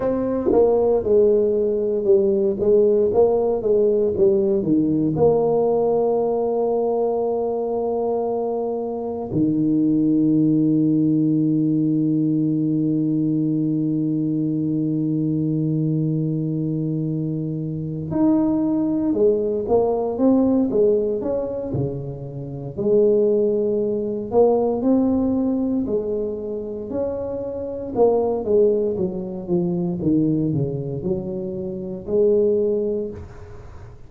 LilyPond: \new Staff \with { instrumentName = "tuba" } { \time 4/4 \tempo 4 = 58 c'8 ais8 gis4 g8 gis8 ais8 gis8 | g8 dis8 ais2.~ | ais4 dis2.~ | dis1~ |
dis4. dis'4 gis8 ais8 c'8 | gis8 cis'8 cis4 gis4. ais8 | c'4 gis4 cis'4 ais8 gis8 | fis8 f8 dis8 cis8 fis4 gis4 | }